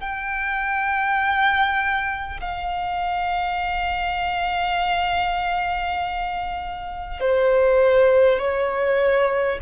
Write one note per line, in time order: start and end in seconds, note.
0.00 2.40 G5
2.40 7.20 F5
7.20 8.38 C5
8.38 9.58 C#5